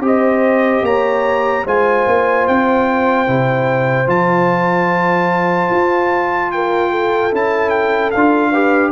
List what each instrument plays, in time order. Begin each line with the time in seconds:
0.00 tuba C4, trombone G4, horn C5
0.07 trumpet D#5
0.83 tuba A#3, horn C#5, trumpet A#5
1.65 tuba G#3, trombone F4, horn C5, trumpet G#5
2.07 tuba A#3
2.47 tuba C4, trumpet G5
3.27 tuba C3, trombone E4
4.07 tuba F3, trombone F4, trumpet A5
5.71 tuba F4
6.52 horn A#4, trumpet G5
6.91 horn A4
7.32 tuba C#4, trombone E4, trumpet A5
7.70 trumpet G5
8.11 tuba D4, trombone F4, trumpet F5
8.52 trombone G4, horn B4